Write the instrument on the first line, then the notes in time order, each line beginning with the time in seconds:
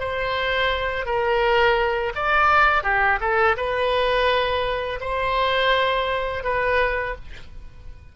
oboe
0.00 C5
1.06 A#4
2.15 D5
2.83 G4
3.20 A4
3.57 B4
5.01 C5
6.44 B4